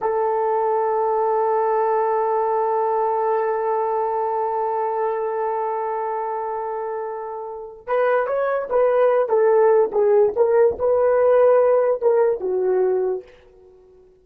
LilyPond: \new Staff \with { instrumentName = "horn" } { \time 4/4 \tempo 4 = 145 a'1~ | a'1~ | a'1~ | a'1~ |
a'2. b'4 | cis''4 b'4. a'4. | gis'4 ais'4 b'2~ | b'4 ais'4 fis'2 | }